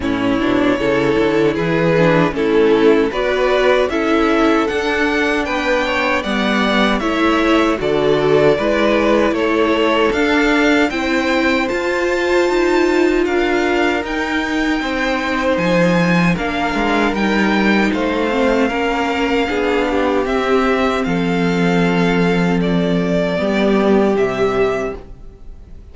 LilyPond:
<<
  \new Staff \with { instrumentName = "violin" } { \time 4/4 \tempo 4 = 77 cis''2 b'4 a'4 | d''4 e''4 fis''4 g''4 | fis''4 e''4 d''2 | cis''4 f''4 g''4 a''4~ |
a''4 f''4 g''2 | gis''4 f''4 g''4 f''4~ | f''2 e''4 f''4~ | f''4 d''2 e''4 | }
  \new Staff \with { instrumentName = "violin" } { \time 4/4 e'4 a'4 gis'4 e'4 | b'4 a'2 b'8 cis''8 | d''4 cis''4 a'4 b'4 | a'2 c''2~ |
c''4 ais'2 c''4~ | c''4 ais'2 c''4 | ais'4 gis'8 g'4. a'4~ | a'2 g'2 | }
  \new Staff \with { instrumentName = "viola" } { \time 4/4 cis'8 d'8 e'4. d'8 cis'4 | fis'4 e'4 d'2 | b4 e'4 fis'4 e'4~ | e'4 d'4 e'4 f'4~ |
f'2 dis'2~ | dis'4 d'4 dis'4. c'8 | cis'4 d'4 c'2~ | c'2 b4 g4 | }
  \new Staff \with { instrumentName = "cello" } { \time 4/4 a,8 b,8 cis8 d8 e4 a4 | b4 cis'4 d'4 b4 | g4 a4 d4 gis4 | a4 d'4 c'4 f'4 |
dis'4 d'4 dis'4 c'4 | f4 ais8 gis8 g4 a4 | ais4 b4 c'4 f4~ | f2 g4 c4 | }
>>